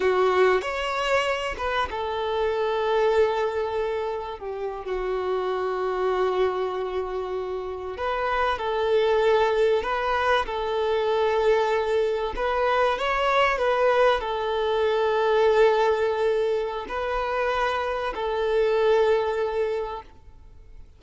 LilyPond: \new Staff \with { instrumentName = "violin" } { \time 4/4 \tempo 4 = 96 fis'4 cis''4. b'8 a'4~ | a'2. g'8. fis'16~ | fis'1~ | fis'8. b'4 a'2 b'16~ |
b'8. a'2. b'16~ | b'8. cis''4 b'4 a'4~ a'16~ | a'2. b'4~ | b'4 a'2. | }